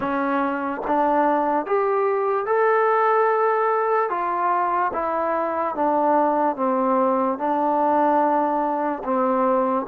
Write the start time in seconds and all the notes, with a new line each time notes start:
0.00 C#4
0.87 D4
1.66 G4
2.46 A4
4.09 F4
4.93 E4
5.75 D4
6.56 C4
7.38 D4
9.04 C4